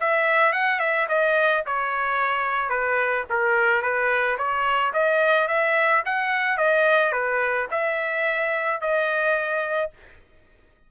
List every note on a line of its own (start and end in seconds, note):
0.00 0.53 E5
0.53 0.79 F#5
0.79 1.07 E5
1.09 1.64 D#5
1.66 2.69 C#5
2.69 3.24 B4
3.30 3.82 A#4
3.82 4.37 B4
4.38 4.93 C#5
4.93 5.48 D#5
5.48 6.03 E5
6.05 6.57 F#5
6.57 7.12 D#5
7.12 7.67 B4
7.71 8.81 E5
8.81 9.91 D#5